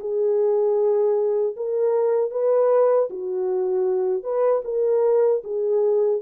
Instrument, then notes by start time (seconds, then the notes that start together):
horn
0.00 G#4
1.57 A#4
2.31 B4
3.10 F#4
4.23 B4
4.65 A#4
5.44 G#4